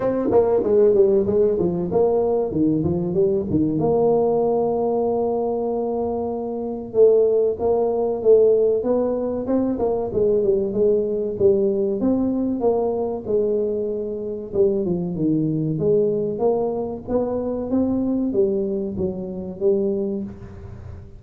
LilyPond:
\new Staff \with { instrumentName = "tuba" } { \time 4/4 \tempo 4 = 95 c'8 ais8 gis8 g8 gis8 f8 ais4 | dis8 f8 g8 dis8 ais2~ | ais2. a4 | ais4 a4 b4 c'8 ais8 |
gis8 g8 gis4 g4 c'4 | ais4 gis2 g8 f8 | dis4 gis4 ais4 b4 | c'4 g4 fis4 g4 | }